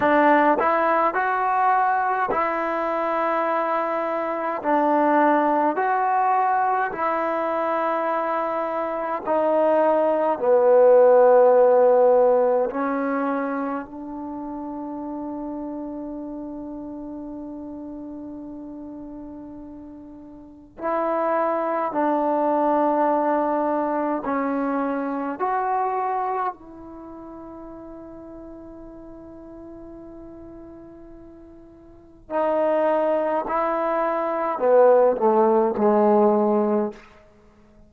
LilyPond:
\new Staff \with { instrumentName = "trombone" } { \time 4/4 \tempo 4 = 52 d'8 e'8 fis'4 e'2 | d'4 fis'4 e'2 | dis'4 b2 cis'4 | d'1~ |
d'2 e'4 d'4~ | d'4 cis'4 fis'4 e'4~ | e'1 | dis'4 e'4 b8 a8 gis4 | }